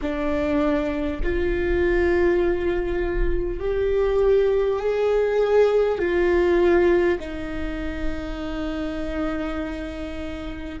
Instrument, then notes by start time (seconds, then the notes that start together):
viola
0.01 D4
1.23 F4
3.60 G4
4.79 G#4
5.98 F4
7.19 D#4